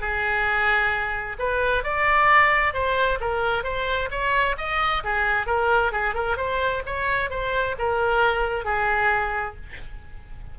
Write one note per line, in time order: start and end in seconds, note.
0.00 1.36 G#4
1.38 1.83 B4
1.83 2.73 D5
2.73 3.19 C5
3.20 3.63 A#4
3.63 4.09 C5
4.10 4.56 C#5
4.57 5.03 D#5
5.04 5.46 G#4
5.46 5.92 A#4
5.92 6.14 G#4
6.14 6.37 A#4
6.37 6.82 C5
6.86 7.30 C#5
7.30 7.75 C5
7.78 8.64 A#4
8.64 9.55 G#4